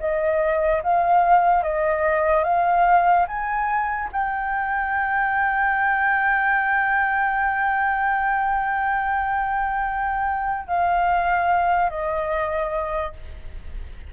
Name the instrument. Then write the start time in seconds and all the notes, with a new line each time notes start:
flute
0.00 D#5
0.83 F5
1.63 D#5
2.44 F5
3.27 G#5
4.12 G5
10.67 F5
11.90 D#5